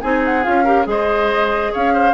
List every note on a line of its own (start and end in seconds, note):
0.00 0.46 C4
0.00 0.43 D#4
0.00 0.63 G#4
0.00 0.21 G#5
0.25 0.44 F#5
0.43 0.86 C#4
0.43 0.64 F4
0.43 0.86 F5
0.63 0.84 G4
0.63 0.85 A#4
0.84 1.71 G#3
0.84 2.12 G#4
0.84 1.72 C5
0.84 1.73 D#5
1.72 2.13 C#4
1.72 1.93 C#5
1.72 2.13 F5
1.93 2.13 C5